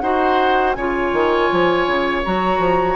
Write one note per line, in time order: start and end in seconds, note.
0.00 0.75 D#4
0.00 0.76 F#4
0.00 0.76 C5
0.00 0.73 F#5
0.73 1.12 C#3
0.73 2.24 F4
0.73 2.96 C#5
0.73 2.21 G#5
1.12 1.50 D#3
1.52 1.86 F3
1.86 2.23 C#3
2.24 2.58 F#3
2.24 2.96 F#4
2.24 2.96 A#5
2.58 2.95 F3